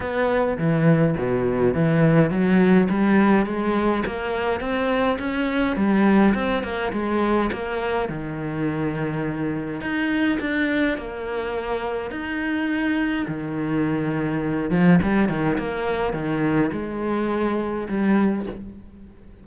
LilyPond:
\new Staff \with { instrumentName = "cello" } { \time 4/4 \tempo 4 = 104 b4 e4 b,4 e4 | fis4 g4 gis4 ais4 | c'4 cis'4 g4 c'8 ais8 | gis4 ais4 dis2~ |
dis4 dis'4 d'4 ais4~ | ais4 dis'2 dis4~ | dis4. f8 g8 dis8 ais4 | dis4 gis2 g4 | }